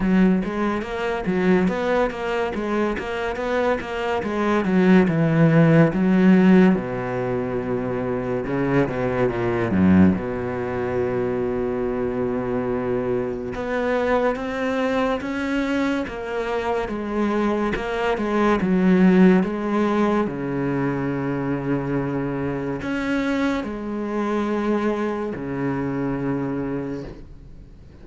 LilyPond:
\new Staff \with { instrumentName = "cello" } { \time 4/4 \tempo 4 = 71 fis8 gis8 ais8 fis8 b8 ais8 gis8 ais8 | b8 ais8 gis8 fis8 e4 fis4 | b,2 cis8 b,8 ais,8 fis,8 | b,1 |
b4 c'4 cis'4 ais4 | gis4 ais8 gis8 fis4 gis4 | cis2. cis'4 | gis2 cis2 | }